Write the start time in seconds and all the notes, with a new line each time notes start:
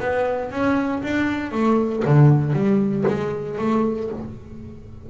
0.00 B3
0.52 C#4
1.03 D4
1.52 A3
2.05 D3
2.53 G3
3.08 G#3
3.59 A3